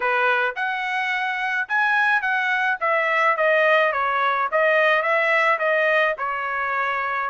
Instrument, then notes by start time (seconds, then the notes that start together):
trumpet
0.00 B4
0.55 F#5
1.68 G#5
2.21 F#5
2.80 E5
3.36 D#5
3.92 C#5
4.51 D#5
5.02 E5
5.58 D#5
6.18 C#5